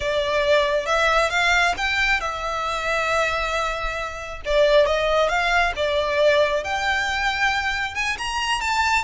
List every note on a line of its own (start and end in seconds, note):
0.00 0.86 D5
0.86 1.30 E5
1.30 1.74 F5
1.77 2.20 G5
2.20 4.41 E5
4.45 4.85 D5
4.85 5.28 D#5
5.28 5.72 F5
5.76 6.64 D5
6.64 7.95 G5
7.95 8.17 G#5
8.17 8.60 A#5
8.60 9.04 A5